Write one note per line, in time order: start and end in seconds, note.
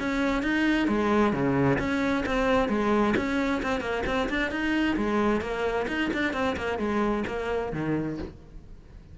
0.00 0.43 C#4
0.43 0.88 D#4
0.88 1.33 G#3
1.33 1.79 C#3
1.79 2.25 C#4
2.26 2.69 C4
2.69 3.15 G#3
3.17 3.62 C#4
3.63 3.81 C4
3.81 4.04 A#3
4.07 4.29 C4
4.30 4.51 D4
4.51 4.97 D#4
4.97 5.42 G#3
5.42 5.87 A#3
5.88 6.11 D#4
6.14 6.34 D4
6.34 6.57 C4
6.57 6.79 A#3
6.79 7.24 G#3
7.27 7.73 A#3
7.73 8.18 D#3